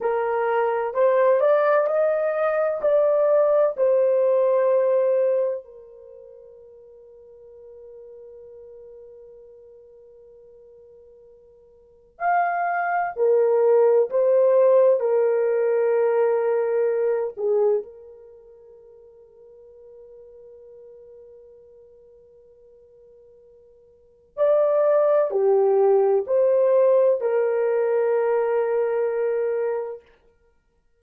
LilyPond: \new Staff \with { instrumentName = "horn" } { \time 4/4 \tempo 4 = 64 ais'4 c''8 d''8 dis''4 d''4 | c''2 ais'2~ | ais'1~ | ais'4 f''4 ais'4 c''4 |
ais'2~ ais'8 gis'8 ais'4~ | ais'1~ | ais'2 d''4 g'4 | c''4 ais'2. | }